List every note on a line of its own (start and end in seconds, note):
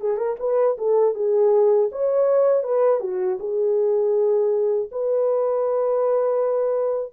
0.00 0.17 G#4
0.17 0.36 A#4
0.40 0.77 B4
0.78 1.15 A4
1.15 1.90 G#4
1.92 2.64 C#5
2.64 3.00 B4
3.00 3.38 F#4
3.40 4.90 G#4
4.92 7.13 B4